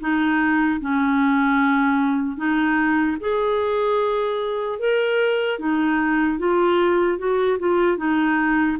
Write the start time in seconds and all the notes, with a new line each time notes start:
0.00 D#4
0.80 C#4
2.37 D#4
3.20 G#4
4.79 A#4
5.59 D#4
6.39 F4
7.18 F#4
7.59 F4
7.97 D#4